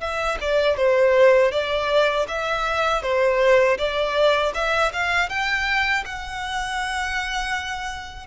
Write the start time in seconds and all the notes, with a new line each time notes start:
0.00 E5
0.41 D5
0.77 C5
1.51 D5
2.28 E5
3.02 C5
3.78 D5
4.54 E5
4.93 F5
5.29 G5
6.05 F#5